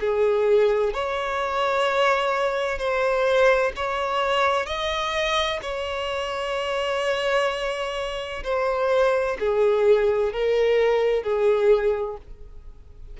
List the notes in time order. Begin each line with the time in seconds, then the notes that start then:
0.00 G#4
0.93 C#5
2.78 C5
3.76 C#5
4.66 D#5
5.62 C#5
8.43 C5
9.40 G#4
10.33 A#4
11.23 G#4